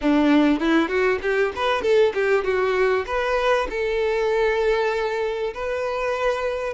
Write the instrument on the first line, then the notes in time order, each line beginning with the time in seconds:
violin
0.01 D4
0.60 E4
0.88 F#4
1.22 G4
1.55 B4
1.82 A4
2.14 G4
2.44 F#4
3.06 B4
3.70 A4
5.54 B4